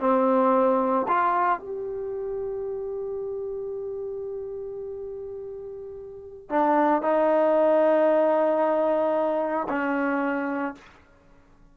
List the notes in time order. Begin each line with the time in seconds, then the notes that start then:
0.00 C4
1.08 F4
1.59 G4
6.49 D4
7.02 D#4
9.69 C#4